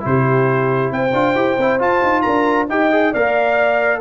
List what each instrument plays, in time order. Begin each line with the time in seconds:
0.00 tuba C3, trombone E4, horn G4, trumpet C5
0.91 tuba C4, horn C5, trumpet G5
1.13 tuba D4, trombone F4
1.35 tuba E4, trombone G4
1.58 tuba C4, trombone E4
1.79 trombone F4, tuba F4, trumpet A5
2.03 tuba D#4
2.22 tuba D4, horn A#4, trumpet A#5
2.69 tuba D#4, trombone G4, horn D#5, trumpet G5
2.91 trombone G#4
3.12 tuba A#3, trombone A#4, horn D5, trumpet F5